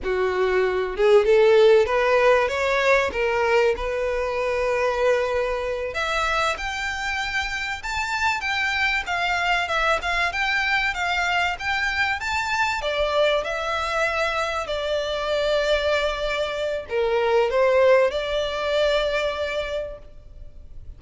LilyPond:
\new Staff \with { instrumentName = "violin" } { \time 4/4 \tempo 4 = 96 fis'4. gis'8 a'4 b'4 | cis''4 ais'4 b'2~ | b'4. e''4 g''4.~ | g''8 a''4 g''4 f''4 e''8 |
f''8 g''4 f''4 g''4 a''8~ | a''8 d''4 e''2 d''8~ | d''2. ais'4 | c''4 d''2. | }